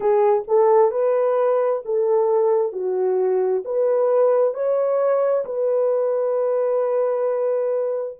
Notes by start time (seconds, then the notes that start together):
0.00 G#4
0.47 A4
0.91 B4
1.85 A4
2.72 F#4
3.64 B4
4.54 C#5
5.45 B4